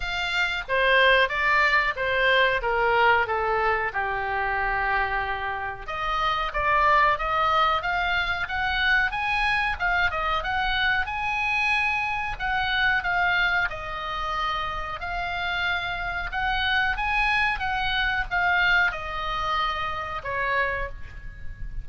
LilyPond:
\new Staff \with { instrumentName = "oboe" } { \time 4/4 \tempo 4 = 92 f''4 c''4 d''4 c''4 | ais'4 a'4 g'2~ | g'4 dis''4 d''4 dis''4 | f''4 fis''4 gis''4 f''8 dis''8 |
fis''4 gis''2 fis''4 | f''4 dis''2 f''4~ | f''4 fis''4 gis''4 fis''4 | f''4 dis''2 cis''4 | }